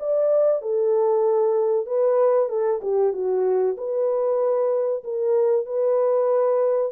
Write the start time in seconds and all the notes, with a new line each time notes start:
0.00 D5
0.62 A4
1.87 B4
2.49 A4
2.82 G4
3.13 F#4
3.78 B4
5.04 A#4
5.66 B4